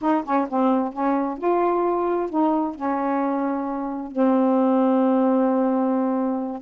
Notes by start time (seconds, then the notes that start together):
0.01 D#4
0.24 C#4
0.49 C4
0.93 C#4
1.37 F4
2.29 D#4
2.75 C#4
4.11 C4